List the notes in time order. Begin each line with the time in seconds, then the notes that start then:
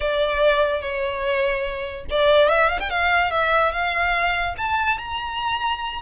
0.00 D5
0.81 C#5
2.10 D5
2.48 E5
2.69 F5
2.79 G5
2.90 F5
3.30 E5
3.72 F5
4.57 A5
4.98 A#5